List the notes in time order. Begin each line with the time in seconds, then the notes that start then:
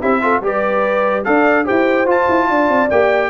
0.00 C4 E4 G4 E5
0.21 F4 A4
0.41 G3 G4 B4 D5
1.24 D4 A4 D5 F5
1.65 E4 G4 C5 G5
2.05 F4 A5
2.29 E4
2.49 D4 D5
2.68 C4
2.90 A#3 G4 G5